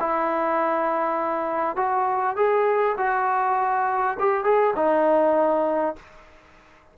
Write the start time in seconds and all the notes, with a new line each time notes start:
0.00 E4
1.76 F#4
2.36 G#4
2.98 F#4
4.20 G4
4.45 G#4
4.76 D#4